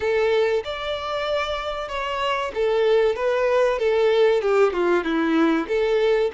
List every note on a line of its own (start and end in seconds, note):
0.00 0.63 A4
0.64 1.88 D5
1.88 2.51 C#5
2.54 3.16 A4
3.16 3.78 B4
3.78 4.41 A4
4.41 4.72 G4
4.72 5.04 F4
5.04 5.67 E4
5.68 6.31 A4